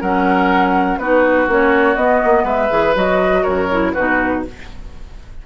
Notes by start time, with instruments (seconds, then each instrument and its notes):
0.00 bassoon F#3, clarinet C#4, oboe A#4, flute F#5
0.97 bassoon B3, clarinet D#4, oboe F#4, flute B4
1.47 bassoon A#3, clarinet C#4, flute C#5
1.95 bassoon B3, clarinet B3, flute D#5
2.24 bassoon A#3
2.43 bassoon G#3, oboe B4, flute E5
2.69 bassoon E3, clarinet G#4
2.94 bassoon F#3, clarinet F#4, flute D#5
3.42 bassoon F#2, oboe A#4, flute C#5
3.71 clarinet E4
3.93 bassoon B2, clarinet D#4, oboe F#4, flute B4